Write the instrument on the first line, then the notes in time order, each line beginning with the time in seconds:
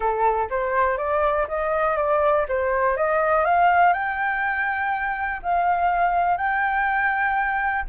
flute
0.00 A4
0.50 C5
0.97 D5
1.48 D#5
1.96 D5
2.48 C5
2.96 D#5
3.44 F5
3.93 G5
5.42 F5
6.37 G5